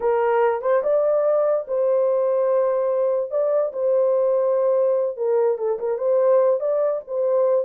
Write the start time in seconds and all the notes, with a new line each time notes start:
0.00 A#4
0.61 C5
0.83 D5
1.67 C5
3.30 D5
3.73 C5
5.16 A#4
5.58 A4
5.79 A#4
5.98 C5
6.60 D5
7.07 C5